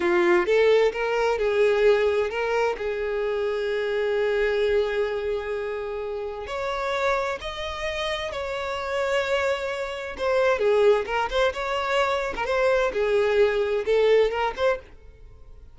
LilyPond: \new Staff \with { instrumentName = "violin" } { \time 4/4 \tempo 4 = 130 f'4 a'4 ais'4 gis'4~ | gis'4 ais'4 gis'2~ | gis'1~ | gis'2 cis''2 |
dis''2 cis''2~ | cis''2 c''4 gis'4 | ais'8 c''8 cis''4.~ cis''16 ais'16 c''4 | gis'2 a'4 ais'8 c''8 | }